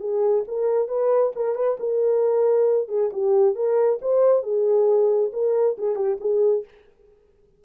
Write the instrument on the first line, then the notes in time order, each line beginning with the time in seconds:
horn
0.00 G#4
0.48 A#4
0.88 B4
1.36 A#4
1.55 B4
1.80 A#4
2.88 G#4
3.13 G4
3.55 A#4
4.02 C5
4.43 G#4
5.33 A#4
5.78 G#4
5.96 G4
6.20 G#4